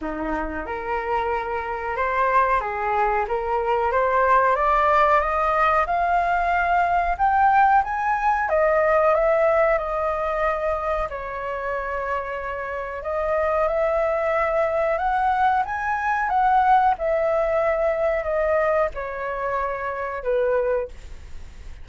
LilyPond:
\new Staff \with { instrumentName = "flute" } { \time 4/4 \tempo 4 = 92 dis'4 ais'2 c''4 | gis'4 ais'4 c''4 d''4 | dis''4 f''2 g''4 | gis''4 dis''4 e''4 dis''4~ |
dis''4 cis''2. | dis''4 e''2 fis''4 | gis''4 fis''4 e''2 | dis''4 cis''2 b'4 | }